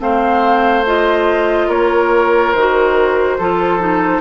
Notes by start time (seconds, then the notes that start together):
0.00 A3 C4 C5 F5
0.86 F4 D#5
1.68 A#3 A#4 C#5
2.53 D#3 F#4 C5
3.38 F3 F4 A4
3.80 D#4